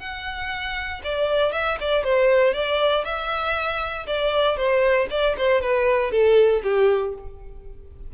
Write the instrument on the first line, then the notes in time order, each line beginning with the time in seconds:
violin
0.00 F#5
1.04 D5
1.53 E5
1.81 D5
2.04 C5
2.54 D5
3.05 E5
4.07 D5
4.57 C5
5.11 D5
5.38 C5
5.62 B4
6.12 A4
6.63 G4